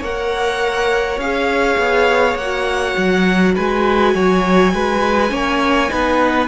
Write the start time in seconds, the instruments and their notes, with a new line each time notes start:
0.00 cello A#3, viola A#4, violin C#5 F#5
1.18 cello C#4, viola G#4, violin F5
1.78 cello B3
2.35 cello A#3, violin F#5
2.42 viola F#4
2.98 cello F#3
3.55 cello G#3, violin B4 G#5
4.15 cello F#3, violin C#5
4.74 cello G#3, violin B4
5.29 cello A#3, viola C#4, violin C#5
5.89 cello B3, viola D#4, violin B4